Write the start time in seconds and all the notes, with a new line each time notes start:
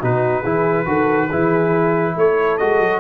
0.00 B2 D#4 F#4 B4
0.42 E3 E4 G#4
0.86 D#3 F#4 A4
1.27 E3 E4 G#4
2.17 A3 A4 C#5
2.58 G#3 F#4 D#5
2.80 F#3